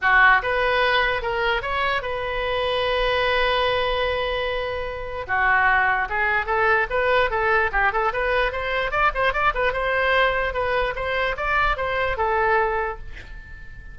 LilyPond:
\new Staff \with { instrumentName = "oboe" } { \time 4/4 \tempo 4 = 148 fis'4 b'2 ais'4 | cis''4 b'2.~ | b'1~ | b'4 fis'2 gis'4 |
a'4 b'4 a'4 g'8 a'8 | b'4 c''4 d''8 c''8 d''8 b'8 | c''2 b'4 c''4 | d''4 c''4 a'2 | }